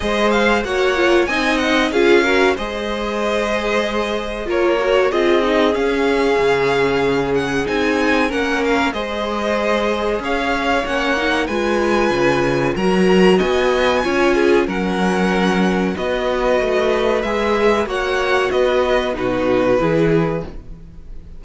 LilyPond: <<
  \new Staff \with { instrumentName = "violin" } { \time 4/4 \tempo 4 = 94 dis''8 f''8 fis''4 gis''8 fis''8 f''4 | dis''2. cis''4 | dis''4 f''2~ f''8 fis''8 | gis''4 fis''8 f''8 dis''2 |
f''4 fis''4 gis''2 | ais''4 gis''2 fis''4~ | fis''4 dis''2 e''4 | fis''4 dis''4 b'2 | }
  \new Staff \with { instrumentName = "violin" } { \time 4/4 c''4 cis''4 dis''4 gis'8 ais'8 | c''2. ais'4 | gis'1~ | gis'4 ais'4 c''2 |
cis''2 b'2 | ais'4 dis''4 cis''8 gis'8 ais'4~ | ais'4 b'2. | cis''4 b'4 fis'4 gis'4 | }
  \new Staff \with { instrumentName = "viola" } { \time 4/4 gis'4 fis'8 f'8 dis'4 f'8 fis'8 | gis'2. f'8 fis'8 | f'8 dis'8 cis'2. | dis'4 cis'4 gis'2~ |
gis'4 cis'8 dis'8 f'2 | fis'2 f'4 cis'4~ | cis'4 fis'2 gis'4 | fis'2 dis'4 e'4 | }
  \new Staff \with { instrumentName = "cello" } { \time 4/4 gis4 ais4 c'4 cis'4 | gis2. ais4 | c'4 cis'4 cis2 | c'4 ais4 gis2 |
cis'4 ais4 gis4 cis4 | fis4 b4 cis'4 fis4~ | fis4 b4 a4 gis4 | ais4 b4 b,4 e4 | }
>>